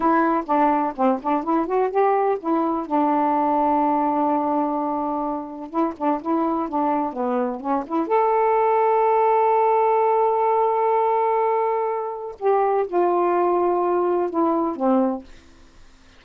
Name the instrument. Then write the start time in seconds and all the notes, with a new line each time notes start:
saxophone
0.00 E4
0.45 D4
0.96 C4
1.22 D4
1.43 E4
1.66 F#4
1.90 G4
2.40 E4
2.86 D4
5.69 E4
5.97 D4
6.21 E4
6.69 D4
7.12 B3
7.60 C#4
7.86 E4
8.07 A4
12.39 G4
12.87 F4
14.29 E4
14.76 C4